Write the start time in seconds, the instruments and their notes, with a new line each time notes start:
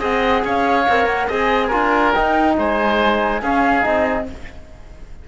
0.00 cello C4, trombone G#4, oboe D#5, flute F#5
0.45 cello C#4, oboe C#5, flute F5
0.89 cello C4, trombone A#4
1.06 cello A#3, flute F#5
1.27 cello C4, trombone G#4, oboe D#5, flute G#5
1.68 cello D4, trombone F4, oboe A#4
2.13 trombone D#4, cello D#4, flute G5
2.57 cello G#3, oboe C5, flute G#5
3.42 cello C#4, trombone C#4, oboe G#4, flute F5
3.81 cello C4, trombone D#4, flute D#5